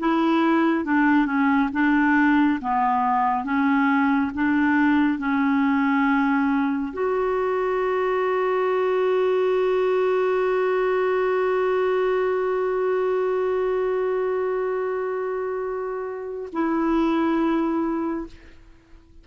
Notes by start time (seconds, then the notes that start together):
0.00 E4
0.85 D4
1.26 C#4
1.73 D4
2.62 B3
3.45 C#4
4.35 D4
5.19 C#4
6.94 F#4
16.53 E4